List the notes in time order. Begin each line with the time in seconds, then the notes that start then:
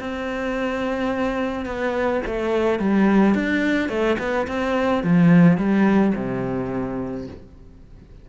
0.00 C4
1.66 B3
2.26 A3
2.80 G3
3.35 D4
3.89 A3
4.19 B3
4.48 C4
5.04 F3
5.58 G3
6.16 C3